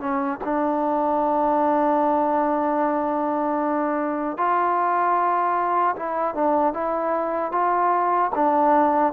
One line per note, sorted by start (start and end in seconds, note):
0.00 0.39 C#4
0.45 4.38 D4
4.38 5.96 F4
5.96 6.35 E4
6.35 6.74 D4
6.74 7.52 E4
7.52 8.31 F4
8.35 9.14 D4